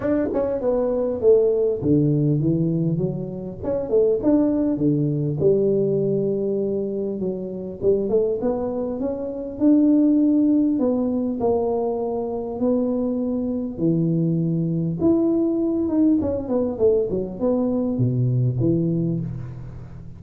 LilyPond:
\new Staff \with { instrumentName = "tuba" } { \time 4/4 \tempo 4 = 100 d'8 cis'8 b4 a4 d4 | e4 fis4 cis'8 a8 d'4 | d4 g2. | fis4 g8 a8 b4 cis'4 |
d'2 b4 ais4~ | ais4 b2 e4~ | e4 e'4. dis'8 cis'8 b8 | a8 fis8 b4 b,4 e4 | }